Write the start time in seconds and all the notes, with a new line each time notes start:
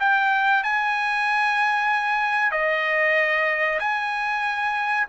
0.00 G5
0.64 G#5
2.52 D#5
3.80 G#5